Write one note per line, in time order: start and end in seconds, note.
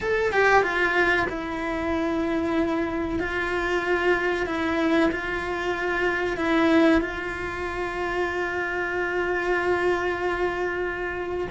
0.01 0.32 A4
0.32 0.62 G4
0.62 1.26 F4
1.29 3.19 E4
3.19 4.46 F4
4.46 5.10 E4
5.11 6.37 F4
6.37 7.01 E4
7.01 11.47 F4